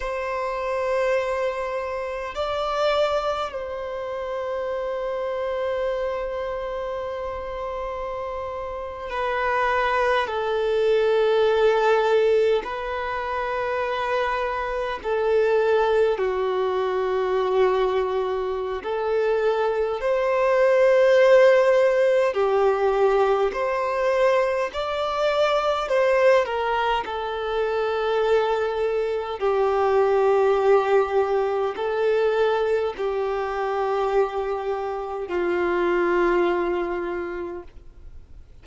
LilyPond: \new Staff \with { instrumentName = "violin" } { \time 4/4 \tempo 4 = 51 c''2 d''4 c''4~ | c''2.~ c''8. b'16~ | b'8. a'2 b'4~ b'16~ | b'8. a'4 fis'2~ fis'16 |
a'4 c''2 g'4 | c''4 d''4 c''8 ais'8 a'4~ | a'4 g'2 a'4 | g'2 f'2 | }